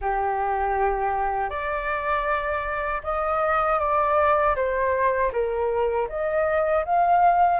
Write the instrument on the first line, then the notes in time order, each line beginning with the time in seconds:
flute
0.01 G4
1.49 D5
3.03 D#5
3.79 D5
4.55 C5
5.32 A#4
6.08 D#5
6.85 F5